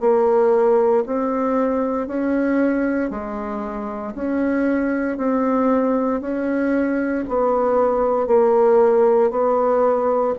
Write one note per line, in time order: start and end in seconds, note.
0.00 1.03 A#3
1.06 2.07 C4
2.07 3.10 C#4
3.10 4.13 G#3
4.15 5.17 C#4
5.17 6.21 C4
6.21 7.24 C#4
7.27 8.27 B3
8.27 9.30 A#3
9.30 10.34 B3